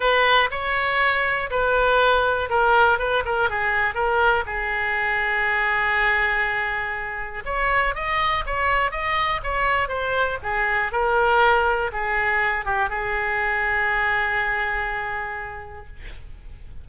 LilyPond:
\new Staff \with { instrumentName = "oboe" } { \time 4/4 \tempo 4 = 121 b'4 cis''2 b'4~ | b'4 ais'4 b'8 ais'8 gis'4 | ais'4 gis'2.~ | gis'2. cis''4 |
dis''4 cis''4 dis''4 cis''4 | c''4 gis'4 ais'2 | gis'4. g'8 gis'2~ | gis'1 | }